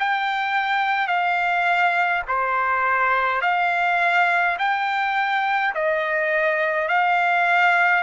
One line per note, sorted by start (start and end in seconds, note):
0.00 1.08 G5
1.08 2.23 F5
2.28 3.42 C5
3.42 4.57 F5
4.59 5.74 G5
5.75 6.89 D#5
6.89 8.03 F5